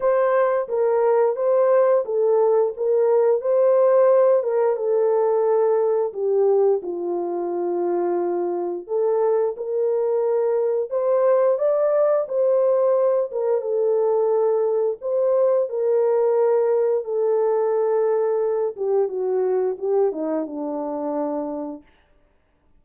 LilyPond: \new Staff \with { instrumentName = "horn" } { \time 4/4 \tempo 4 = 88 c''4 ais'4 c''4 a'4 | ais'4 c''4. ais'8 a'4~ | a'4 g'4 f'2~ | f'4 a'4 ais'2 |
c''4 d''4 c''4. ais'8 | a'2 c''4 ais'4~ | ais'4 a'2~ a'8 g'8 | fis'4 g'8 dis'8 d'2 | }